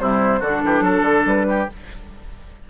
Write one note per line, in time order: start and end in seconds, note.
0.00 0.42 C3
0.00 0.42 G3
0.00 0.40 E4
0.00 0.42 C5
0.40 0.63 D3
0.40 1.68 D4
0.40 0.61 F#4
0.40 1.25 A4
0.65 0.81 E3
0.65 0.84 G4
0.81 1.02 F#3
0.81 1.46 A4
1.03 1.23 D3
1.26 1.68 G3
1.26 1.69 B4
1.49 1.70 G4